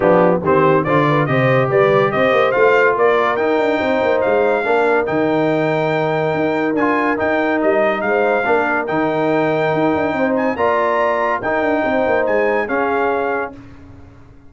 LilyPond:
<<
  \new Staff \with { instrumentName = "trumpet" } { \time 4/4 \tempo 4 = 142 g'4 c''4 d''4 dis''4 | d''4 dis''4 f''4 d''4 | g''2 f''2 | g''1 |
gis''4 g''4 dis''4 f''4~ | f''4 g''2.~ | g''8 gis''8 ais''2 g''4~ | g''4 gis''4 f''2 | }
  \new Staff \with { instrumentName = "horn" } { \time 4/4 d'4 g'4 c''8 b'8 c''4 | b'4 c''2 ais'4~ | ais'4 c''2 ais'4~ | ais'1~ |
ais'2. c''4 | ais'1 | c''4 d''2 ais'4 | c''2 gis'2 | }
  \new Staff \with { instrumentName = "trombone" } { \time 4/4 b4 c'4 f'4 g'4~ | g'2 f'2 | dis'2. d'4 | dis'1 |
f'4 dis'2. | d'4 dis'2.~ | dis'4 f'2 dis'4~ | dis'2 cis'2 | }
  \new Staff \with { instrumentName = "tuba" } { \time 4/4 f4 dis4 d4 c4 | g4 c'8 ais8 a4 ais4 | dis'8 d'8 c'8 ais8 gis4 ais4 | dis2. dis'4 |
d'4 dis'4 g4 gis4 | ais4 dis2 dis'8 d'8 | c'4 ais2 dis'8 d'8 | c'8 ais8 gis4 cis'2 | }
>>